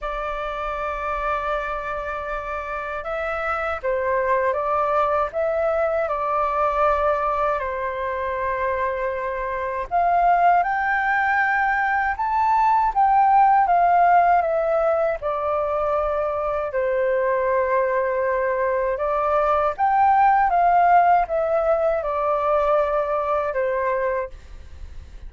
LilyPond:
\new Staff \with { instrumentName = "flute" } { \time 4/4 \tempo 4 = 79 d''1 | e''4 c''4 d''4 e''4 | d''2 c''2~ | c''4 f''4 g''2 |
a''4 g''4 f''4 e''4 | d''2 c''2~ | c''4 d''4 g''4 f''4 | e''4 d''2 c''4 | }